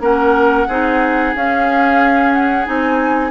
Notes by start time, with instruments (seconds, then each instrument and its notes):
0.00 bassoon A#3, clarinet C#4, oboe A#4, flute F#5
0.68 bassoon C4, clarinet D#4, oboe G#4
1.35 bassoon C#4, clarinet C#4, flute F5
2.33 flute F#5
2.65 bassoon C4, clarinet D#4, flute G#5